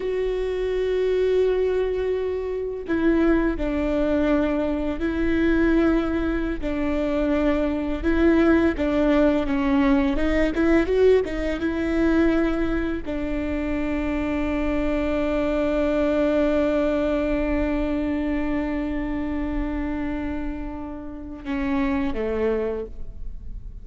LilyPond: \new Staff \with { instrumentName = "viola" } { \time 4/4 \tempo 4 = 84 fis'1 | e'4 d'2 e'4~ | e'4~ e'16 d'2 e'8.~ | e'16 d'4 cis'4 dis'8 e'8 fis'8 dis'16~ |
dis'16 e'2 d'4.~ d'16~ | d'1~ | d'1~ | d'2 cis'4 a4 | }